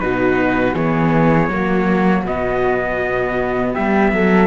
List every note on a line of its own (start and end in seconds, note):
0.00 0.74 B2
0.00 0.75 D#4
0.00 0.74 F#4
0.00 0.75 B4
0.74 1.49 E3
0.74 1.51 B3
0.74 1.49 G#4
0.74 2.25 C#5
1.49 2.24 F#3
1.49 2.27 A#3
1.49 3.74 F#4
2.24 3.74 B2
2.24 4.47 B3
2.24 3.75 D#5
3.74 4.12 G3
3.74 4.11 G4
3.74 4.47 E5
4.12 4.47 F#3
4.12 4.47 A4